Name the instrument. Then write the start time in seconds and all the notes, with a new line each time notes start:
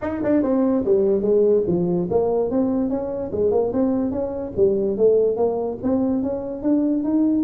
tuba
0.01 D#4
0.23 D4
0.43 C4
0.84 G3
1.21 G#3
1.67 F3
2.10 A#3
2.50 C4
2.89 C#4
3.31 G#3
3.51 A#3
3.72 C4
4.11 C#4
4.56 G3
4.97 A3
5.36 A#3
5.83 C4
6.22 C#4
6.62 D4
7.03 D#4